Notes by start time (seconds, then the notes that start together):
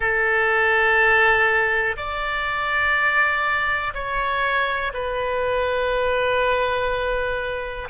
0.00 A4
1.96 D5
3.93 C#5
4.93 B4